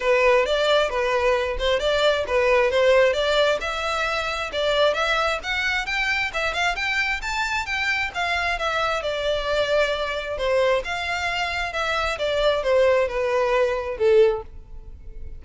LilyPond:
\new Staff \with { instrumentName = "violin" } { \time 4/4 \tempo 4 = 133 b'4 d''4 b'4. c''8 | d''4 b'4 c''4 d''4 | e''2 d''4 e''4 | fis''4 g''4 e''8 f''8 g''4 |
a''4 g''4 f''4 e''4 | d''2. c''4 | f''2 e''4 d''4 | c''4 b'2 a'4 | }